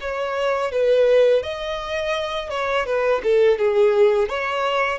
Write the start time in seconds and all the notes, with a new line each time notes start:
0.00 C#5
0.71 B4
1.43 D#5
2.50 C#5
2.86 B4
3.23 A4
3.58 G#4
4.29 C#5